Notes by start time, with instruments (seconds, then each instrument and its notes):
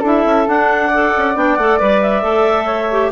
0.00 bassoon D4, clarinet E4, flute A4
0.06 clarinet E5
0.25 bassoon C#4
0.47 clarinet D4 F#5, bassoon D4
0.88 clarinet A4, flute D5
1.17 bassoon C#4
1.35 bassoon B3, clarinet D4 G5
1.56 bassoon A3, clarinet A4 F#5
1.79 bassoon G3, clarinet B4 D5
2.02 clarinet E5
2.23 bassoon A3, clarinet A4
2.66 flute C#5
2.91 clarinet G4